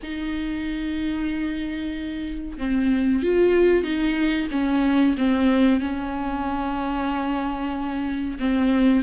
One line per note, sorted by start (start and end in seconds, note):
0.03 2.58 D#4
2.58 3.22 C4
3.23 3.83 F4
3.83 4.48 D#4
4.51 5.16 C#4
5.17 5.80 C4
5.80 8.38 C#4
8.39 9.03 C4